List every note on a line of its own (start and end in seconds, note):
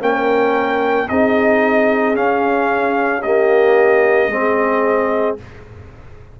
0.00 1.08 A#3
0.00 1.07 C#4
0.00 1.08 A#4
0.00 1.08 G5
1.08 2.16 C4
1.08 2.14 D#4
1.08 3.22 G#4
1.08 2.16 D#5
2.14 3.21 C#4
2.14 4.28 C#4
2.14 3.22 F5
3.22 4.30 A#3
3.22 4.29 G4
3.22 5.36 D#5
4.28 5.35 G#3
4.28 5.37 C4
4.28 5.40 G#4